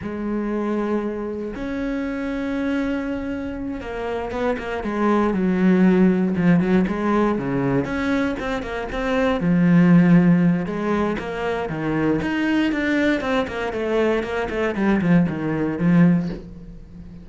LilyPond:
\new Staff \with { instrumentName = "cello" } { \time 4/4 \tempo 4 = 118 gis2. cis'4~ | cis'2.~ cis'8 ais8~ | ais8 b8 ais8 gis4 fis4.~ | fis8 f8 fis8 gis4 cis4 cis'8~ |
cis'8 c'8 ais8 c'4 f4.~ | f4 gis4 ais4 dis4 | dis'4 d'4 c'8 ais8 a4 | ais8 a8 g8 f8 dis4 f4 | }